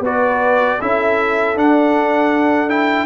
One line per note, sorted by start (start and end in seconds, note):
0.00 0.76 B3
0.00 0.80 F#4
0.00 0.79 B4
0.00 0.81 D5
0.80 1.56 C#4
0.80 1.56 E4
0.80 3.06 A4
0.80 1.57 E5
1.56 3.06 D4
1.56 2.69 D4
1.56 2.69 F#5
2.69 3.06 E4
2.69 3.06 G5